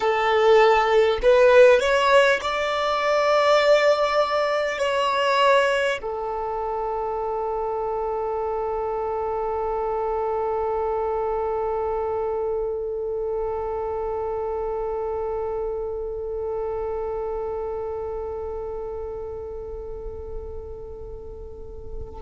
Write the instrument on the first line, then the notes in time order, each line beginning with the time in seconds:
violin
0.00 A4
1.22 B4
1.80 C#5
2.41 D5
4.78 C#5
6.01 A4